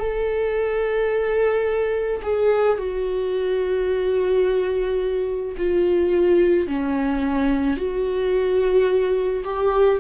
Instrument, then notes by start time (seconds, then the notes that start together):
viola
0.00 A4
2.23 G#4
2.78 F#4
5.58 F4
6.68 C#4
7.77 F#4
9.44 G4